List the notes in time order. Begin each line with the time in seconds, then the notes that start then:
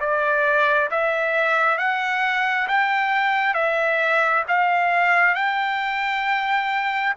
0.00 D5
0.91 E5
1.78 F#5
2.68 G5
3.54 E5
4.48 F5
5.34 G5